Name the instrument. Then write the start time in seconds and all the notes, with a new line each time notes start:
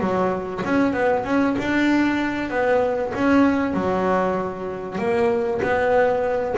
double bass
0.00 F#3
0.65 C#4
0.93 B3
1.25 C#4
1.59 D4
2.50 B3
3.14 C#4
3.74 F#3
4.99 A#3
5.62 B3